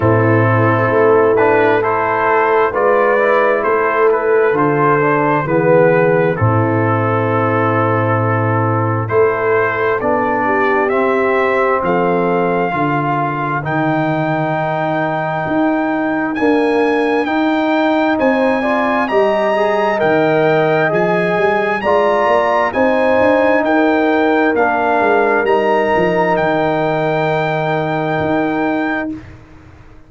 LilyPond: <<
  \new Staff \with { instrumentName = "trumpet" } { \time 4/4 \tempo 4 = 66 a'4. b'8 c''4 d''4 | c''8 b'8 c''4 b'4 a'4~ | a'2 c''4 d''4 | e''4 f''2 g''4~ |
g''2 gis''4 g''4 | gis''4 ais''4 g''4 gis''4 | ais''4 gis''4 g''4 f''4 | ais''4 g''2. | }
  \new Staff \with { instrumentName = "horn" } { \time 4/4 e'2 a'4 b'4 | a'2 gis'4 e'4~ | e'2 a'4. g'8~ | g'4 a'4 ais'2~ |
ais'1 | c''8 d''8 dis''2. | d''4 c''4 ais'2~ | ais'1 | }
  \new Staff \with { instrumentName = "trombone" } { \time 4/4 c'4. d'8 e'4 f'8 e'8~ | e'4 f'8 d'8 b4 c'4~ | c'2 e'4 d'4 | c'2 f'4 dis'4~ |
dis'2 ais4 dis'4~ | dis'8 f'8 g'8 gis'8 ais'4 gis'4 | f'4 dis'2 d'4 | dis'1 | }
  \new Staff \with { instrumentName = "tuba" } { \time 4/4 a,4 a2 gis4 | a4 d4 e4 a,4~ | a,2 a4 b4 | c'4 f4 d4 dis4~ |
dis4 dis'4 d'4 dis'4 | c'4 g4 dis4 f8 g8 | gis8 ais8 c'8 d'8 dis'4 ais8 gis8 | g8 f8 dis2 dis'4 | }
>>